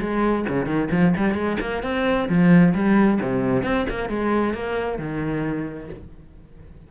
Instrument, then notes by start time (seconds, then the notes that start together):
cello
0.00 G#3
0.48 C#3
0.66 D#3
0.91 F3
1.16 G3
1.34 G#3
1.60 A#3
1.83 C4
2.29 F3
2.74 G3
3.21 C3
3.63 C4
3.89 A#3
4.09 G#3
4.54 A#3
4.98 D#3